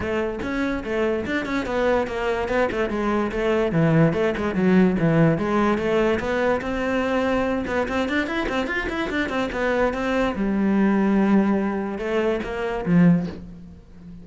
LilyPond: \new Staff \with { instrumentName = "cello" } { \time 4/4 \tempo 4 = 145 a4 cis'4 a4 d'8 cis'8 | b4 ais4 b8 a8 gis4 | a4 e4 a8 gis8 fis4 | e4 gis4 a4 b4 |
c'2~ c'8 b8 c'8 d'8 | e'8 c'8 f'8 e'8 d'8 c'8 b4 | c'4 g2.~ | g4 a4 ais4 f4 | }